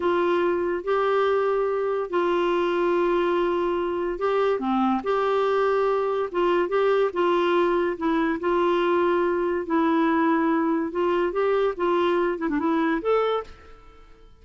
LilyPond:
\new Staff \with { instrumentName = "clarinet" } { \time 4/4 \tempo 4 = 143 f'2 g'2~ | g'4 f'2.~ | f'2 g'4 c'4 | g'2. f'4 |
g'4 f'2 e'4 | f'2. e'4~ | e'2 f'4 g'4 | f'4. e'16 d'16 e'4 a'4 | }